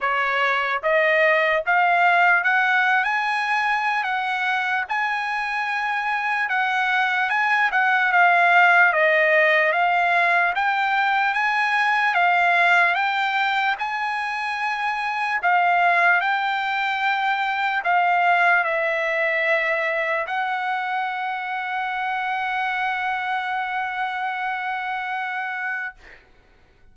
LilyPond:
\new Staff \with { instrumentName = "trumpet" } { \time 4/4 \tempo 4 = 74 cis''4 dis''4 f''4 fis''8. gis''16~ | gis''4 fis''4 gis''2 | fis''4 gis''8 fis''8 f''4 dis''4 | f''4 g''4 gis''4 f''4 |
g''4 gis''2 f''4 | g''2 f''4 e''4~ | e''4 fis''2.~ | fis''1 | }